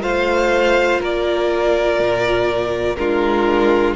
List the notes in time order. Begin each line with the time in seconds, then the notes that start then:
0.00 A3 F4 C5 F5
1.00 A#3 A#4 D5
1.99 A#2
2.95 G#3 D4 F4 A#4